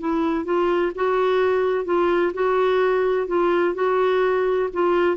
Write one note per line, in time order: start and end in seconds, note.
0.00 0.45 E4
0.45 0.92 F4
0.95 1.85 F#4
1.85 2.32 F4
2.34 3.27 F#4
3.27 3.75 F4
3.75 4.69 F#4
4.73 5.17 F4